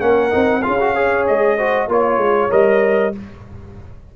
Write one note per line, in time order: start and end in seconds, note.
0.00 0.32 A#3
0.00 0.31 C#4
0.00 0.62 A#4
0.00 0.63 F#5
0.31 0.66 C4
0.31 0.62 D#4
0.63 1.30 C#4
0.63 0.79 F4
0.63 0.95 G#4
0.63 1.25 F5
0.81 0.95 F#4
0.95 1.58 G#4
0.95 1.58 C#5
1.27 1.88 G#3
1.27 1.90 D#5
1.58 1.89 F#4
1.58 1.89 C5
1.88 2.18 A#3
1.88 2.50 F4
1.88 3.16 C#5
1.88 2.52 C#5
2.18 2.49 G#3
2.50 3.15 G3
2.50 3.13 A#4
2.50 3.14 D#5